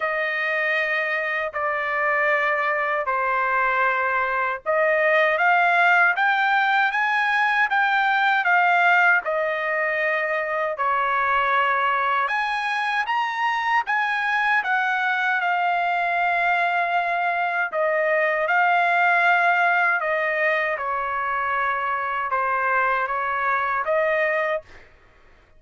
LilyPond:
\new Staff \with { instrumentName = "trumpet" } { \time 4/4 \tempo 4 = 78 dis''2 d''2 | c''2 dis''4 f''4 | g''4 gis''4 g''4 f''4 | dis''2 cis''2 |
gis''4 ais''4 gis''4 fis''4 | f''2. dis''4 | f''2 dis''4 cis''4~ | cis''4 c''4 cis''4 dis''4 | }